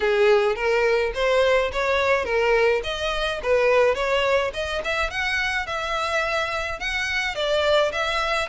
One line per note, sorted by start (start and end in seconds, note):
0.00 0.55 G#4
0.55 1.12 A#4
1.14 1.71 C5
1.72 2.24 C#5
2.24 2.81 A#4
2.83 3.40 D#5
3.42 3.94 B4
3.94 4.51 C#5
4.53 4.81 D#5
4.84 5.10 E5
5.10 5.66 F#5
5.66 6.79 E5
6.79 7.35 F#5
7.35 7.91 D5
7.92 8.48 E5